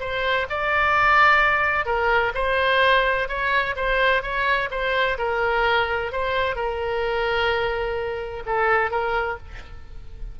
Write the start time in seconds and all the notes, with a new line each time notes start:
0.00 C5
0.50 D5
1.86 A#4
2.35 C5
3.28 C#5
3.76 C5
4.22 C#5
4.71 C5
5.18 A#4
6.12 C5
6.56 A#4
8.46 A4
8.91 A#4